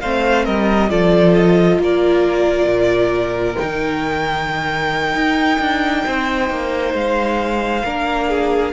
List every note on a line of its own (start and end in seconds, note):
0.00 0.47 A3
0.00 0.90 C4
0.00 0.44 C5
0.00 0.45 F5
0.44 0.91 G3
0.44 0.89 A#4
0.44 0.89 D#5
0.90 1.78 F3
0.90 3.57 F4
0.90 1.79 A4
0.90 1.34 D5
1.34 1.79 D#5
1.78 2.65 A#3
1.78 6.05 A#4
1.78 3.56 D5
2.65 3.54 A#2
3.56 5.14 D#3
3.56 7.82 D#4
3.56 6.92 G5
5.14 5.59 D#4
5.59 6.04 D4
6.05 6.50 C4
6.05 7.84 C5
6.50 6.94 A#3
6.94 7.83 G#3
6.94 8.73 F5
7.84 8.73 A#3
7.84 8.73 D4
7.84 8.29 A#4
8.29 8.73 G#4